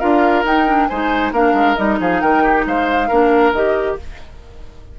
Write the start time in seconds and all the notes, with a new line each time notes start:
0.00 D4 F4 A#4 F5
0.44 D#4 G5
0.68 D4
0.88 G#3 D#4 C5 G#5
1.32 A#3 D4 A#4 F5
1.54 G#3
1.76 G3 D#4 D#5
2.00 F3 G#4 F5
2.21 D#3 A#4 G5
2.44 G4
2.66 G#3 C5 F5
3.09 A#3 D4 A#4
3.53 D#3 G4 D#5